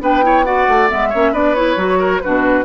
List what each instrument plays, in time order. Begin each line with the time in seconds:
0.00 bassoon B3, clarinet D4, oboe B4, flute G5
0.22 clarinet E4, oboe C#5
0.45 clarinet F#4, oboe D5, flute F#5
0.68 bassoon A3
0.89 bassoon G#3, clarinet B3, flute E5
1.09 bassoon A#3, clarinet C#4, oboe C#5
1.32 bassoon B3, clarinet D4, oboe B4, flute D5
1.55 clarinet E4, flute C#5
1.77 bassoon F#3, clarinet F#4
1.99 oboe A#4
2.21 bassoon B2, clarinet D4, oboe F#4, flute B4